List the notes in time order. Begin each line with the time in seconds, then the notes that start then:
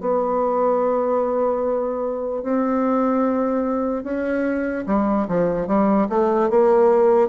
0.00 B3
2.43 C4
4.03 C#4
4.86 G3
5.28 F3
5.67 G3
6.09 A3
6.50 A#3